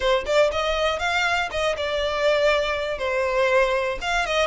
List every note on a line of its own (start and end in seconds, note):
0.00 0.24 C5
0.25 0.50 D5
0.51 0.99 D#5
0.99 1.49 F5
1.51 1.76 D#5
1.76 2.98 D5
2.98 3.98 C5
4.01 4.25 F5
4.25 4.46 D#5